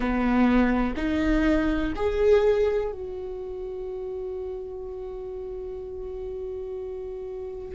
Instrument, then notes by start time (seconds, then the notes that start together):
viola
0.00 B3
0.96 D#4
1.95 G#4
2.92 F#4